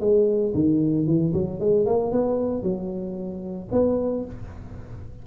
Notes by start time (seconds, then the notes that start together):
0.00 G#3
0.54 D#3
1.06 E3
1.33 F#3
1.60 G#3
1.86 A#3
2.12 B3
2.62 F#3
3.72 B3